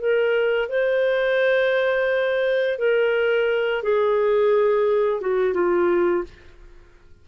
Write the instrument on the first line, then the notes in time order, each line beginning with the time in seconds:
clarinet
0.00 A#4
0.69 C5
2.78 A#4
3.83 G#4
5.21 F#4
5.54 F4